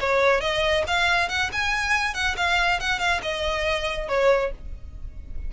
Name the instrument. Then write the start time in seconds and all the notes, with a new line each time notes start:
violin
0.00 C#5
0.41 D#5
0.87 F5
1.29 F#5
1.52 G#5
2.14 F#5
2.37 F5
2.80 F#5
2.99 F5
3.22 D#5
4.08 C#5